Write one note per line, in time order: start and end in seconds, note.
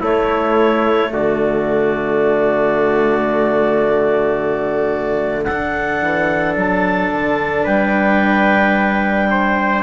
0.00 1.10 A3
0.00 5.46 A3
0.00 1.09 E4
0.00 1.12 C#5
1.12 6.01 D3
1.12 5.46 F#4
1.12 5.44 D5
5.44 9.83 D4
5.44 7.64 A4
5.44 6.53 F#5
6.01 6.56 E3
6.56 7.10 F#3
6.56 7.66 A5
7.11 7.66 D3
7.64 9.83 G3
7.64 9.27 B4
7.64 9.83 G5
9.30 9.83 C5